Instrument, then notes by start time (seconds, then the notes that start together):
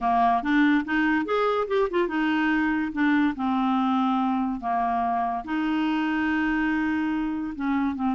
clarinet
0.00 A#3
0.42 D4
0.84 D#4
1.25 G#4
1.67 G4
1.90 F4
2.08 D#4
2.92 D4
3.35 C4
4.60 A#3
5.44 D#4
7.55 C#4
7.95 C4